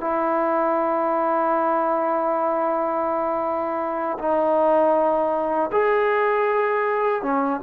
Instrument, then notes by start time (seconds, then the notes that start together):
trombone
0.00 E4
4.18 D#4
5.72 G#4
7.22 C#4